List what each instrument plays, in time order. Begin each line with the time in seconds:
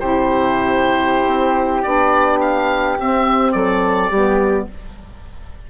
0.00 bassoon C3, saxophone E4, flute G4, oboe C5
1.27 bassoon C4
1.83 bassoon B3, saxophone D4, oboe D5
2.41 oboe F5
2.99 saxophone C4, bassoon C4, oboe E5
3.52 bassoon F#3, flute A4, oboe D5
4.10 bassoon G3, saxophone B3, flute G4